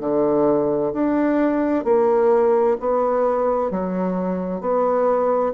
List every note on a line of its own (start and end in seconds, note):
0.00 0.92 D3
0.93 1.84 D4
1.84 2.77 A#3
2.80 3.70 B3
3.70 4.60 F#3
4.60 5.53 B3